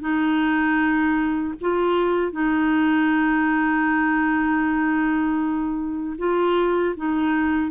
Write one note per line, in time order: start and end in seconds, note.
0.00 1.54 D#4
1.60 2.32 F4
2.32 6.16 D#4
6.18 6.95 F4
6.96 7.71 D#4